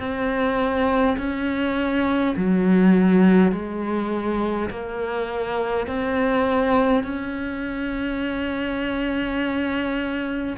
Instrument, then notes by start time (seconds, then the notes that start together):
cello
0.00 C4
1.18 C#4
2.37 F#3
3.52 G#3
4.71 A#3
5.87 C4
7.04 C#4